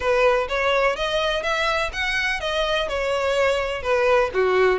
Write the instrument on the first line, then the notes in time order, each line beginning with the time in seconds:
violin
0.00 B4
0.48 C#5
0.95 D#5
1.42 E5
1.92 F#5
2.40 D#5
2.88 C#5
3.82 B4
4.33 F#4